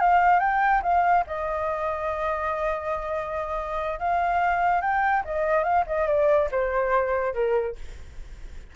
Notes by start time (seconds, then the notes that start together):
0.00 F5
0.40 G5
0.83 F5
1.27 D#5
3.99 F5
4.81 G5
5.25 D#5
5.64 F5
5.87 D#5
6.07 D5
6.51 C5
7.34 A#4